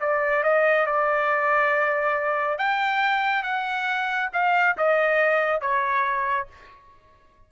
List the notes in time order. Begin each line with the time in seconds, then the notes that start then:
0.00 D5
0.43 D#5
0.86 D5
2.58 G5
3.43 F#5
4.33 F5
4.77 D#5
5.61 C#5